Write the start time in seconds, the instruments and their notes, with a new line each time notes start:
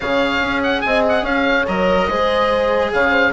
0.00 bassoon C#3, cello G#4, horn C#5, oboe F5
0.40 bassoon C#4
0.63 oboe F#5
0.81 bassoon C4, horn D#5, oboe G#5
1.08 oboe F#5
1.22 bassoon C#4, horn C#5, oboe F5
1.67 bassoon F#3, cello A#4, oboe D#5
2.08 bassoon G#3, cello G#4, horn C5
2.93 bassoon C#3, horn C#5, oboe F5
3.11 horn C5